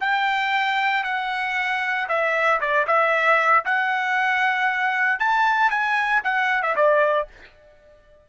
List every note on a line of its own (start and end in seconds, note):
0.00 1.03 G5
1.04 2.07 F#5
2.08 2.60 E5
2.60 2.86 D5
2.87 3.64 E5
3.65 5.19 F#5
5.19 5.70 A5
5.70 6.21 G#5
6.24 6.62 F#5
6.62 6.75 E5
6.75 7.27 D5